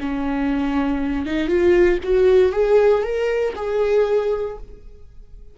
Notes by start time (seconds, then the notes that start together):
0.00 C#4
1.26 D#4
1.48 F4
2.03 F#4
2.52 G#4
3.03 A#4
3.56 G#4